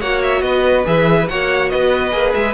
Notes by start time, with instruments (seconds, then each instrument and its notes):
0.00 cello A#3, viola F#4, violin C#5 F#5
0.22 violin E5
0.41 cello B3, violin B4 D#5
0.85 cello E3, viola G#4, violin E5
1.27 cello A#3, viola F#4, violin C#5 F#5
1.69 cello B3, violin B4 D#5
2.11 cello A#3, viola G#4
2.33 cello G#3, violin E5